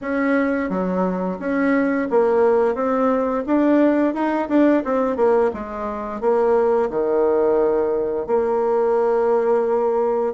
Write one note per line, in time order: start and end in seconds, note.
0.01 0.69 C#4
0.69 1.38 F#3
1.39 2.08 C#4
2.10 2.74 A#3
2.74 3.43 C4
3.46 4.14 D4
4.14 4.48 D#4
4.48 4.83 D4
4.84 5.16 C4
5.16 5.50 A#3
5.53 6.20 G#3
6.20 6.89 A#3
6.90 8.27 D#3
8.27 10.34 A#3